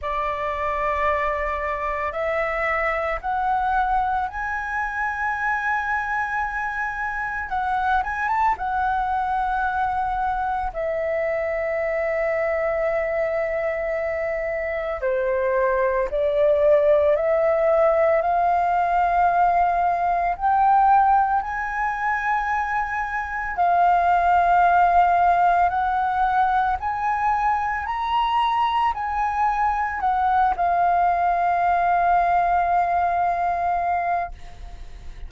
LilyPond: \new Staff \with { instrumentName = "flute" } { \time 4/4 \tempo 4 = 56 d''2 e''4 fis''4 | gis''2. fis''8 gis''16 a''16 | fis''2 e''2~ | e''2 c''4 d''4 |
e''4 f''2 g''4 | gis''2 f''2 | fis''4 gis''4 ais''4 gis''4 | fis''8 f''2.~ f''8 | }